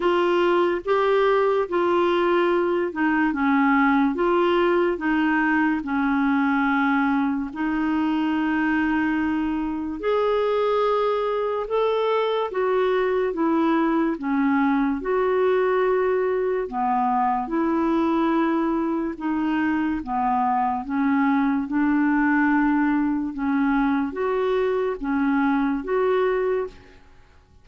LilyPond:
\new Staff \with { instrumentName = "clarinet" } { \time 4/4 \tempo 4 = 72 f'4 g'4 f'4. dis'8 | cis'4 f'4 dis'4 cis'4~ | cis'4 dis'2. | gis'2 a'4 fis'4 |
e'4 cis'4 fis'2 | b4 e'2 dis'4 | b4 cis'4 d'2 | cis'4 fis'4 cis'4 fis'4 | }